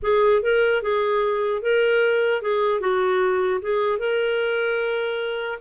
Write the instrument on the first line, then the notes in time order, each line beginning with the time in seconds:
clarinet
0.02 G#4
0.42 A#4
0.82 G#4
1.62 A#4
2.42 G#4
2.80 F#4
3.61 G#4
3.98 A#4